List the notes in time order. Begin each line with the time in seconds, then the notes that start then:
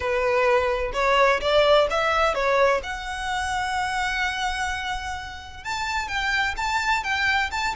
0.00 B4
0.93 C#5
1.40 D5
1.90 E5
2.34 C#5
2.83 F#5
5.64 A5
6.07 G5
6.56 A5
7.03 G5
7.51 A5